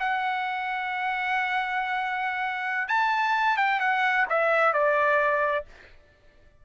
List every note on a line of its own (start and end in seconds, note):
0.00 2.88 F#5
2.88 3.57 A5
3.57 3.80 G5
3.80 4.26 F#5
4.30 4.73 E5
4.73 5.66 D5